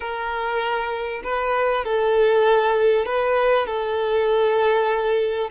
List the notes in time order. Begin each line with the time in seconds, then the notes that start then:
0.00 A#4
1.23 B4
1.84 A4
3.05 B4
3.66 A4